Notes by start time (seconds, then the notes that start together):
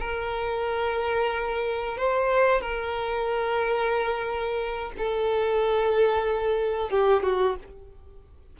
0.00 A#4
1.98 C5
2.61 A#4
4.98 A4
6.90 G4
7.23 F#4